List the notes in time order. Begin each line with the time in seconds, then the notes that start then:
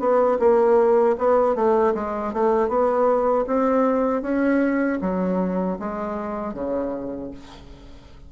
0.00 B3
0.40 A#3
1.19 B3
1.56 A3
1.95 G#3
2.33 A3
2.69 B3
3.47 C4
4.22 C#4
5.01 F#3
5.80 G#3
6.54 C#3